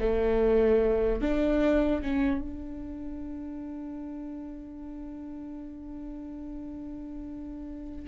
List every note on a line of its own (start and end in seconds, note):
0.00 1.22 A3
1.22 2.02 D4
2.02 2.42 C#4
2.42 8.09 D4